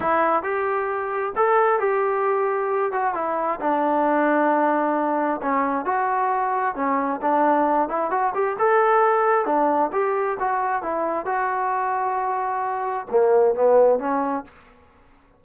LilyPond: \new Staff \with { instrumentName = "trombone" } { \time 4/4 \tempo 4 = 133 e'4 g'2 a'4 | g'2~ g'8 fis'8 e'4 | d'1 | cis'4 fis'2 cis'4 |
d'4. e'8 fis'8 g'8 a'4~ | a'4 d'4 g'4 fis'4 | e'4 fis'2.~ | fis'4 ais4 b4 cis'4 | }